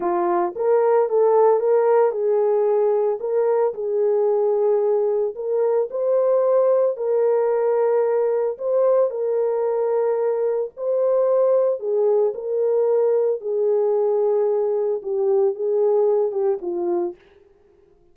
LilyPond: \new Staff \with { instrumentName = "horn" } { \time 4/4 \tempo 4 = 112 f'4 ais'4 a'4 ais'4 | gis'2 ais'4 gis'4~ | gis'2 ais'4 c''4~ | c''4 ais'2. |
c''4 ais'2. | c''2 gis'4 ais'4~ | ais'4 gis'2. | g'4 gis'4. g'8 f'4 | }